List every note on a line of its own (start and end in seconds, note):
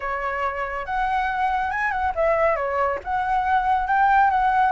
0.00 0.85 C#5
0.85 1.70 F#5
1.70 1.91 G#5
1.91 2.12 F#5
2.15 2.56 E5
2.56 2.98 C#5
3.04 3.87 F#5
3.87 4.30 G5
4.30 4.71 F#5